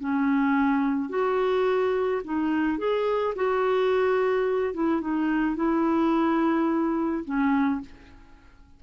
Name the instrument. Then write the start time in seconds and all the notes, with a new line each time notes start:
clarinet
0.00 C#4
1.10 F#4
2.24 D#4
2.78 G#4
3.35 F#4
4.74 E4
5.01 D#4
5.56 E4
7.25 C#4